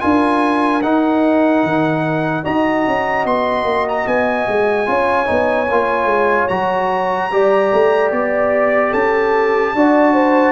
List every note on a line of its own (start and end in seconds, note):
0.00 0.83 D4
0.00 0.81 F4
0.00 2.43 A#4
0.00 0.81 G#5
0.82 1.63 D#4
0.82 2.43 D#4
0.82 2.44 F#5
1.63 2.44 D#3
2.43 2.86 D#4
2.43 4.85 F#4
2.43 4.87 D#5
2.43 3.26 A#5
2.87 3.25 C#4
3.25 3.64 B3
3.25 3.87 C6
3.64 4.04 A#3
3.88 4.07 A#5
4.06 4.47 B3
4.06 6.48 G#5
4.47 4.87 G#3
4.85 5.28 C#4
4.85 5.26 F4
4.85 7.32 C#5
5.26 5.70 B3
5.26 5.66 D#4
5.70 6.04 A#3
5.70 6.49 F4
6.04 6.45 G#3
6.48 7.31 F#3
6.48 7.30 F#4
6.48 8.10 A#5
7.31 7.71 G3
7.31 9.75 G4
7.31 8.90 D5
7.72 8.11 A3
8.11 8.92 B3
8.11 8.93 D5
8.90 9.74 C#4
8.90 9.71 A4
8.90 10.52 A5
9.74 10.52 D4
9.74 10.52 F#4
9.74 10.13 D5
10.13 10.52 C5